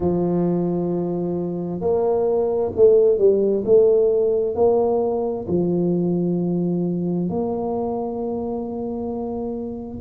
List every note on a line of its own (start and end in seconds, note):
0.00 1.80 F3
1.80 2.71 A#3
2.75 3.18 A3
3.18 3.63 G3
3.64 4.55 A3
4.55 5.46 A#3
5.48 7.29 F3
7.29 10.00 A#3